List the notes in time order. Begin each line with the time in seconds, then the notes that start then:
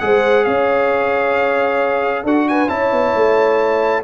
0.00 G#3 G#4 C5 F#5
0.45 C#4 C#5 F5
2.24 D4 F#4 A4 F#5
2.49 B4 G#5
2.68 C#4 E4 C#5 A5
2.92 B3
3.15 A3